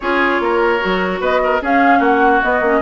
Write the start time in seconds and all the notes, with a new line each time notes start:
0.00 C#4 F4 G#4 C#5
0.40 A#3 A#4
0.80 F#3 F#4
1.20 B3 B4 D#5
1.43 A#4
1.61 C#4 G#4 F5
1.99 A#3 F#4 F#5
2.42 B3 D#5
2.60 A#3 C#4